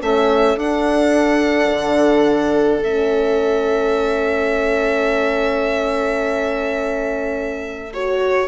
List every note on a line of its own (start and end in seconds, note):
0.00 0.55 A3
0.00 0.56 C#4
0.00 8.48 A4
0.00 0.59 E5
0.55 1.68 D4
0.55 2.83 D4
0.55 2.83 F#5
1.71 2.84 D3
2.83 8.48 A3
2.83 7.93 C#4
2.83 7.93 E5
7.93 8.48 F#4
7.93 8.48 C#5